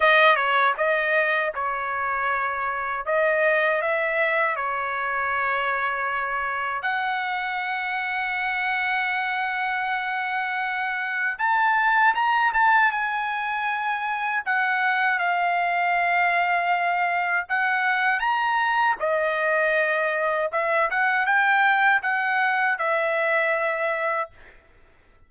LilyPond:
\new Staff \with { instrumentName = "trumpet" } { \time 4/4 \tempo 4 = 79 dis''8 cis''8 dis''4 cis''2 | dis''4 e''4 cis''2~ | cis''4 fis''2.~ | fis''2. a''4 |
ais''8 a''8 gis''2 fis''4 | f''2. fis''4 | ais''4 dis''2 e''8 fis''8 | g''4 fis''4 e''2 | }